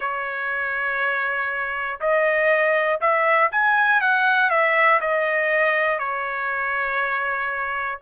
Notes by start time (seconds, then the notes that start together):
0.00 C#5
2.00 D#5
3.00 E5
3.51 G#5
4.00 F#5
4.50 E5
5.00 D#5
5.99 C#5